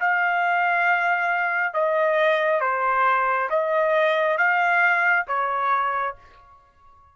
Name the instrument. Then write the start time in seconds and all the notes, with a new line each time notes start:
trumpet
0.00 F5
1.74 D#5
2.61 C5
3.50 D#5
4.38 F5
5.27 C#5